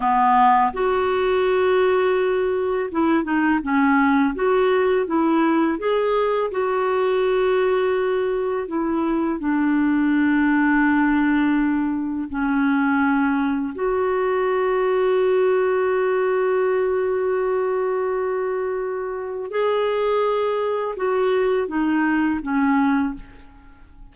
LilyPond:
\new Staff \with { instrumentName = "clarinet" } { \time 4/4 \tempo 4 = 83 b4 fis'2. | e'8 dis'8 cis'4 fis'4 e'4 | gis'4 fis'2. | e'4 d'2.~ |
d'4 cis'2 fis'4~ | fis'1~ | fis'2. gis'4~ | gis'4 fis'4 dis'4 cis'4 | }